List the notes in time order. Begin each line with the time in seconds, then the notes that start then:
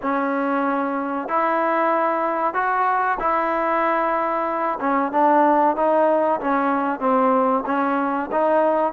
0.01 C#4
1.28 E4
2.54 F#4
3.19 E4
4.80 C#4
5.12 D4
5.76 D#4
6.40 C#4
6.99 C4
7.66 C#4
8.31 D#4